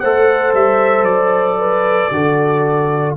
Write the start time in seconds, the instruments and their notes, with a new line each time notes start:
0.00 tuba A3, trombone A4, horn C5, trumpet F#5
0.54 tuba G3, trumpet E5
1.03 tuba F#3, trumpet D5
1.59 horn B4
2.11 tuba D3, trombone F#4, horn A4